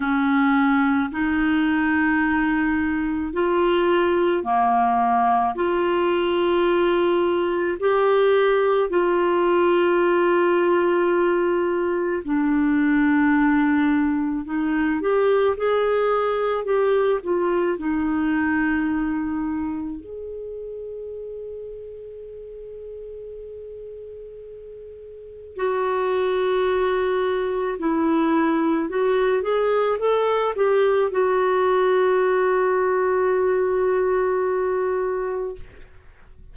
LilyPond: \new Staff \with { instrumentName = "clarinet" } { \time 4/4 \tempo 4 = 54 cis'4 dis'2 f'4 | ais4 f'2 g'4 | f'2. d'4~ | d'4 dis'8 g'8 gis'4 g'8 f'8 |
dis'2 gis'2~ | gis'2. fis'4~ | fis'4 e'4 fis'8 gis'8 a'8 g'8 | fis'1 | }